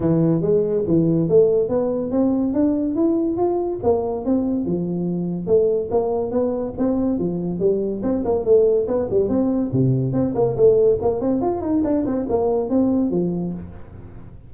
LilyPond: \new Staff \with { instrumentName = "tuba" } { \time 4/4 \tempo 4 = 142 e4 gis4 e4 a4 | b4 c'4 d'4 e'4 | f'4 ais4 c'4 f4~ | f4 a4 ais4 b4 |
c'4 f4 g4 c'8 ais8 | a4 b8 g8 c'4 c4 | c'8 ais8 a4 ais8 c'8 f'8 dis'8 | d'8 c'8 ais4 c'4 f4 | }